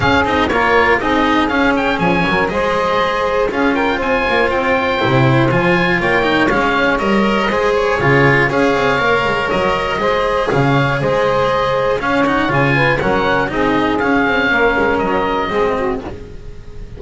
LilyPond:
<<
  \new Staff \with { instrumentName = "oboe" } { \time 4/4 \tempo 4 = 120 f''8 dis''8 cis''4 dis''4 f''8 g''8 | gis''4 dis''2 f''8 g''8 | gis''4 g''2 gis''4 | g''4 f''4 dis''4. cis''8~ |
cis''4 f''2 dis''4~ | dis''4 f''4 dis''2 | f''8 fis''8 gis''4 fis''4 dis''4 | f''2 dis''2 | }
  \new Staff \with { instrumentName = "saxophone" } { \time 4/4 gis'4 ais'4 gis'2~ | gis'8 ais'8 c''2 gis'8 ais'8 | c''1 | cis''2. c''4 |
gis'4 cis''2. | c''4 cis''4 c''2 | cis''4. b'8 ais'4 gis'4~ | gis'4 ais'2 gis'8 fis'8 | }
  \new Staff \with { instrumentName = "cello" } { \time 4/4 cis'8 dis'8 f'4 dis'4 cis'4~ | cis'4 gis'2 f'4~ | f'2 e'4 f'4~ | f'8 dis'8 cis'4 ais'4 gis'4 |
f'4 gis'4 ais'2 | gis'1 | cis'8 dis'8 f'4 cis'4 dis'4 | cis'2. c'4 | }
  \new Staff \with { instrumentName = "double bass" } { \time 4/4 cis'8 c'8 ais4 c'4 cis'4 | f8 fis8 gis2 cis'4 | c'8 ais8 c'4 c4 f4 | ais4 gis4 g4 gis4 |
cis4 cis'8 c'8 ais8 gis8 fis4 | gis4 cis4 gis2 | cis'4 cis4 fis4 c'4 | cis'8 c'8 ais8 gis8 fis4 gis4 | }
>>